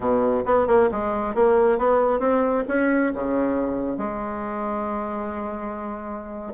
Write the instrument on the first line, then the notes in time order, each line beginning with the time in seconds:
bassoon
0.00 B2
0.45 B3
0.67 A#3
0.91 G#3
1.34 A#3
1.78 B3
2.19 C4
2.68 C#4
3.14 C#3
3.97 G#3